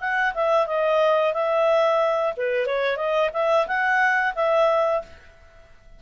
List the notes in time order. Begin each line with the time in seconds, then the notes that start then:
0.00 F#5
0.34 E5
0.66 D#5
1.33 E5
2.37 B4
2.66 C#5
2.96 D#5
3.33 E5
3.67 F#5
4.35 E5